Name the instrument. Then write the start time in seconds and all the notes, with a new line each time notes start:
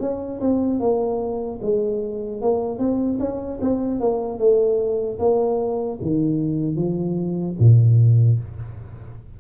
tuba
0.00 C#4
0.41 C4
0.80 A#3
1.61 G#3
2.41 A#3
2.78 C4
3.19 C#4
3.61 C4
4.00 A#3
4.39 A3
5.19 A#3
6.01 D#3
6.76 F3
7.59 A#2